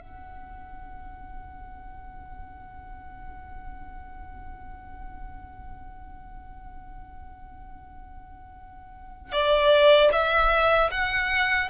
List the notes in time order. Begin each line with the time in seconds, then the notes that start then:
0.00 F#5
9.32 D5
10.12 E5
10.91 F#5